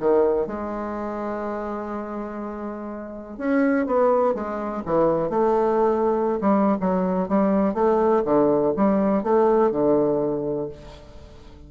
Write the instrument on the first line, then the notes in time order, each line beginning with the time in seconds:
bassoon
0.00 D#3
0.47 G#3
3.38 C#4
3.87 B3
4.34 G#3
4.86 E3
5.30 A3
6.41 G3
6.81 F#3
7.29 G3
7.74 A3
8.25 D3
8.77 G3
9.23 A3
9.72 D3